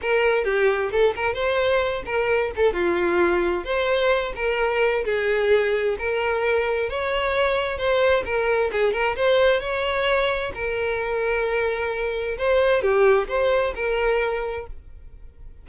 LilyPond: \new Staff \with { instrumentName = "violin" } { \time 4/4 \tempo 4 = 131 ais'4 g'4 a'8 ais'8 c''4~ | c''8 ais'4 a'8 f'2 | c''4. ais'4. gis'4~ | gis'4 ais'2 cis''4~ |
cis''4 c''4 ais'4 gis'8 ais'8 | c''4 cis''2 ais'4~ | ais'2. c''4 | g'4 c''4 ais'2 | }